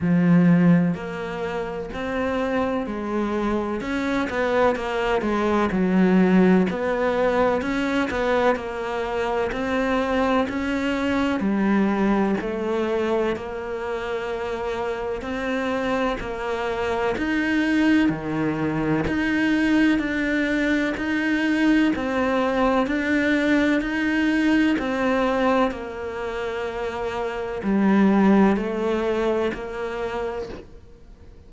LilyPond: \new Staff \with { instrumentName = "cello" } { \time 4/4 \tempo 4 = 63 f4 ais4 c'4 gis4 | cis'8 b8 ais8 gis8 fis4 b4 | cis'8 b8 ais4 c'4 cis'4 | g4 a4 ais2 |
c'4 ais4 dis'4 dis4 | dis'4 d'4 dis'4 c'4 | d'4 dis'4 c'4 ais4~ | ais4 g4 a4 ais4 | }